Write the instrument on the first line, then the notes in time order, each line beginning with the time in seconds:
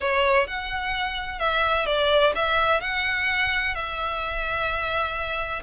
violin
0.00 C#5
0.47 F#5
1.39 E5
1.86 D5
2.35 E5
2.81 F#5
3.74 E5